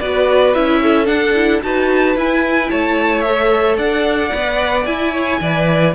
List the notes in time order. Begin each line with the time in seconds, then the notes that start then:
0.00 B3 F#4 B4 D5
0.54 C#4 E4 E5
0.83 A4
1.06 D4 F#5
1.35 E4
1.63 D#4 F#4 B4 A5
2.16 E4 G#5
2.71 A3 C#5 A5
3.21 A4 E5
3.78 D4 D5 F#5
4.32 B3 B4
4.86 E4 G#5
5.13 C#5
5.41 E3 B4 D5